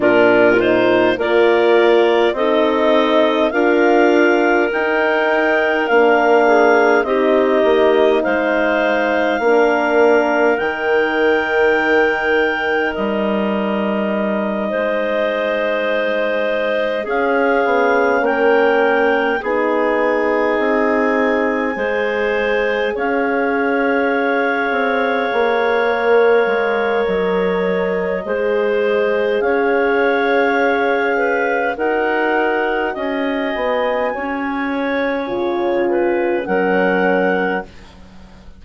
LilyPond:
<<
  \new Staff \with { instrumentName = "clarinet" } { \time 4/4 \tempo 4 = 51 ais'8 c''8 d''4 dis''4 f''4 | g''4 f''4 dis''4 f''4~ | f''4 g''2 dis''4~ | dis''2~ dis''8 f''4 g''8~ |
g''8 gis''2. f''8~ | f''2. dis''4~ | dis''4 f''2 fis''4 | gis''2. fis''4 | }
  \new Staff \with { instrumentName = "clarinet" } { \time 4/4 f'4 ais'4 a'4 ais'4~ | ais'4. gis'8 g'4 c''4 | ais'1~ | ais'8 c''2 gis'4 ais'8~ |
ais'8 gis'2 c''4 cis''8~ | cis''1 | c''4 cis''4. b'8 ais'4 | dis''4 cis''4. b'8 ais'4 | }
  \new Staff \with { instrumentName = "horn" } { \time 4/4 d'8 dis'8 f'4 dis'4 f'4 | dis'4 d'4 dis'2 | d'4 dis'2.~ | dis'2~ dis'8 cis'4.~ |
cis'8 dis'2 gis'4.~ | gis'2 ais'2 | gis'2. fis'4~ | fis'2 f'4 cis'4 | }
  \new Staff \with { instrumentName = "bassoon" } { \time 4/4 ais,4 ais4 c'4 d'4 | dis'4 ais4 c'8 ais8 gis4 | ais4 dis2 g4~ | g8 gis2 cis'8 b8 ais8~ |
ais8 b4 c'4 gis4 cis'8~ | cis'4 c'8 ais4 gis8 fis4 | gis4 cis'2 dis'4 | cis'8 b8 cis'4 cis4 fis4 | }
>>